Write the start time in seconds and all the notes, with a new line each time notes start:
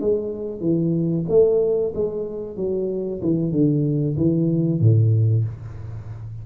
0.00 G#3
0.60 E3
1.28 A3
1.94 G#3
2.56 F#3
3.22 E3
3.51 D3
4.16 E3
4.80 A2